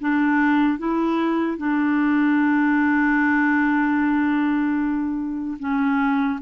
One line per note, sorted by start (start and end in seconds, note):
0.00 0.78 D4
0.78 1.57 E4
1.57 5.57 D4
5.59 6.39 C#4